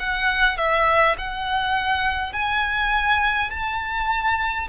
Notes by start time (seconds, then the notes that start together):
0.00 F#5
0.58 E5
1.18 F#5
2.33 G#5
3.51 A5